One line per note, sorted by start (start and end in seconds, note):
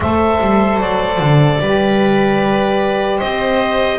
0.00 0.39 A3
0.00 1.62 A4
0.00 1.60 C5
0.00 0.80 E5
0.40 0.80 G3
0.80 1.19 F#3
0.80 3.19 D5
1.19 1.59 D3
1.60 3.20 G3
1.60 3.98 G4
1.60 3.18 B4
3.18 3.98 C4
3.18 3.98 C5
3.18 3.98 D#5